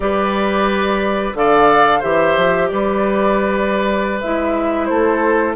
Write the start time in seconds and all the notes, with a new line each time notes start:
0.00 G3 G4 B4 D5
1.34 D3 A4 D5 F5
1.99 E3 G4 C5 E5
2.37 F3
2.67 G3 B4 D5
4.20 G#3 E4 E5
4.85 A3 A4 C5